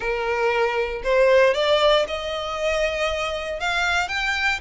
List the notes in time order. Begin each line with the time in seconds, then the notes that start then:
0.00 A#4
1.03 C5
1.54 D5
2.07 D#5
3.59 F5
4.08 G5